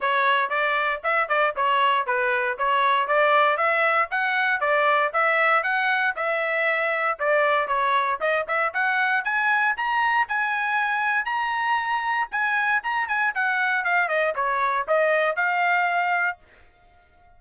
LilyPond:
\new Staff \with { instrumentName = "trumpet" } { \time 4/4 \tempo 4 = 117 cis''4 d''4 e''8 d''8 cis''4 | b'4 cis''4 d''4 e''4 | fis''4 d''4 e''4 fis''4 | e''2 d''4 cis''4 |
dis''8 e''8 fis''4 gis''4 ais''4 | gis''2 ais''2 | gis''4 ais''8 gis''8 fis''4 f''8 dis''8 | cis''4 dis''4 f''2 | }